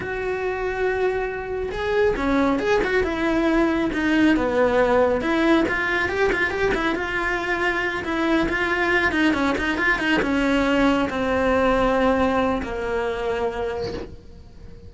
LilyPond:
\new Staff \with { instrumentName = "cello" } { \time 4/4 \tempo 4 = 138 fis'1 | gis'4 cis'4 gis'8 fis'8 e'4~ | e'4 dis'4 b2 | e'4 f'4 g'8 f'8 g'8 e'8 |
f'2~ f'8 e'4 f'8~ | f'4 dis'8 cis'8 dis'8 f'8 dis'8 cis'8~ | cis'4. c'2~ c'8~ | c'4 ais2. | }